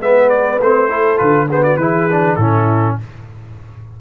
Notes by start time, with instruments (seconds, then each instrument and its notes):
0.00 tuba G#3, trombone B3, horn B4, trumpet E5
0.29 trumpet D5
0.60 tuba A3, trombone C4, trumpet C5
0.89 trombone E4, horn A4
1.17 tuba D3, trombone F4, trumpet B4
1.47 trombone B3, horn G#4, trumpet C5
1.63 horn F#4, trumpet D5
1.76 tuba E3, trombone E4, horn G#4, trumpet B4
2.10 trombone D4
2.36 tuba A2, trombone C#4, horn E4, trumpet A4